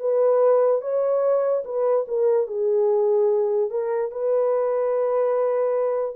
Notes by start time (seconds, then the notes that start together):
0.00 B4
0.81 C#5
1.65 B4
2.08 A#4
2.47 G#4
3.70 A#4
4.11 B4